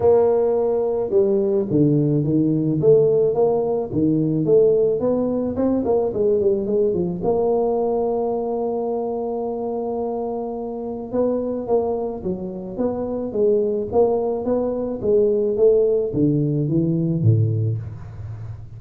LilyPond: \new Staff \with { instrumentName = "tuba" } { \time 4/4 \tempo 4 = 108 ais2 g4 d4 | dis4 a4 ais4 dis4 | a4 b4 c'8 ais8 gis8 g8 | gis8 f8 ais2.~ |
ais1 | b4 ais4 fis4 b4 | gis4 ais4 b4 gis4 | a4 d4 e4 a,4 | }